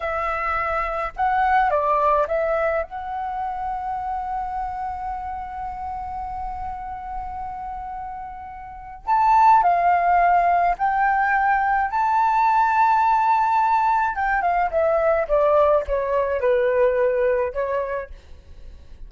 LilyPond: \new Staff \with { instrumentName = "flute" } { \time 4/4 \tempo 4 = 106 e''2 fis''4 d''4 | e''4 fis''2.~ | fis''1~ | fis''1 |
a''4 f''2 g''4~ | g''4 a''2.~ | a''4 g''8 f''8 e''4 d''4 | cis''4 b'2 cis''4 | }